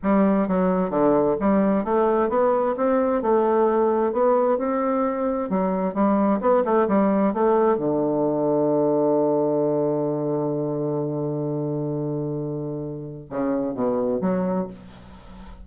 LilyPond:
\new Staff \with { instrumentName = "bassoon" } { \time 4/4 \tempo 4 = 131 g4 fis4 d4 g4 | a4 b4 c'4 a4~ | a4 b4 c'2 | fis4 g4 b8 a8 g4 |
a4 d2.~ | d1~ | d1~ | d4 cis4 b,4 fis4 | }